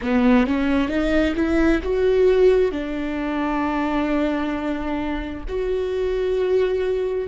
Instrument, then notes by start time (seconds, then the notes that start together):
viola
0.02 B3
0.46 C#4
0.88 D#4
1.35 E4
1.83 F#4
2.71 D4
5.48 F#4